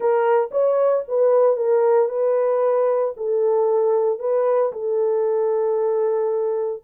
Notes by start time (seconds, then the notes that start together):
0.00 A#4
0.51 C#5
1.08 B4
1.56 A#4
2.08 B4
3.17 A4
4.19 B4
4.72 A4